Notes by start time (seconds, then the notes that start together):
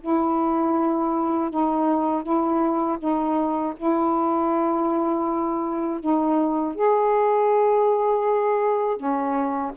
0.00 E4
1.50 D#4
2.23 E4
2.98 D#4
3.76 E4
6.00 D#4
6.74 G#4
8.96 C#4